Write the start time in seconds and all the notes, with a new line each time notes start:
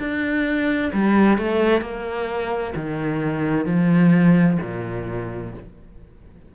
0.00 D4
0.94 G3
1.38 A3
1.82 A#3
2.76 D#3
3.66 F3
4.62 A#2